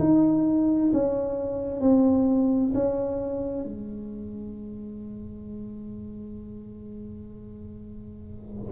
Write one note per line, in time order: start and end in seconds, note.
0.00 0.92 D#4
0.93 1.81 C#4
1.81 2.73 C4
2.74 3.65 C#4
3.65 8.72 G#3